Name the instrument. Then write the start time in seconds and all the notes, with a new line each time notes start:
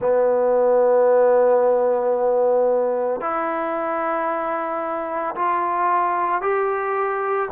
trombone
0.00 B3
3.20 E4
5.35 F4
6.41 G4